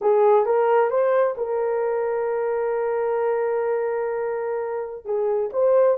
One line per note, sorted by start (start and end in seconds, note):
0.01 0.45 G#4
0.45 0.90 A#4
0.90 1.35 C5
1.37 5.05 A#4
5.05 5.50 G#4
5.52 5.98 C5